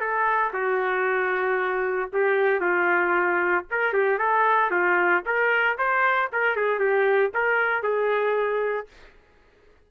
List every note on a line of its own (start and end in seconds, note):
0.00 0.52 A4
0.53 2.10 F#4
2.13 2.61 G4
2.61 3.65 F4
3.71 3.93 A#4
3.93 4.19 G4
4.19 4.71 A4
4.71 5.23 F4
5.26 5.78 A#4
5.78 6.30 C5
6.32 6.56 A#4
6.56 6.79 G#4
6.79 7.31 G4
7.34 7.83 A#4
7.83 8.87 G#4